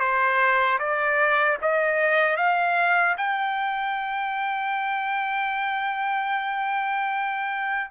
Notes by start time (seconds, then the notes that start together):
0.00 C5
0.79 D5
1.62 D#5
2.37 F5
3.18 G5